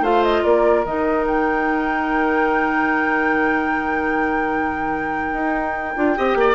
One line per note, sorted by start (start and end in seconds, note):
0.00 0.41 A3
0.00 0.85 F4
0.00 0.43 C5
0.00 0.23 F5
0.23 0.44 D#5
0.43 0.84 A#3
0.43 6.15 A#4
0.43 0.85 D5
0.84 5.33 D#3
0.84 5.96 D#4
0.84 1.26 D#5
1.27 6.55 G5
5.33 5.94 D#4
5.96 6.17 D4
5.96 6.16 F4
6.16 6.35 C4
6.16 6.55 G4
6.16 6.37 D#5
6.35 6.55 A#3
6.35 6.55 D5